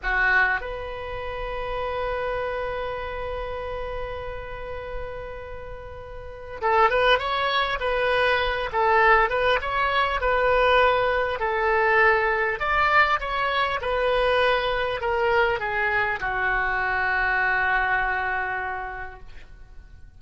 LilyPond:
\new Staff \with { instrumentName = "oboe" } { \time 4/4 \tempo 4 = 100 fis'4 b'2.~ | b'1~ | b'2. a'8 b'8 | cis''4 b'4. a'4 b'8 |
cis''4 b'2 a'4~ | a'4 d''4 cis''4 b'4~ | b'4 ais'4 gis'4 fis'4~ | fis'1 | }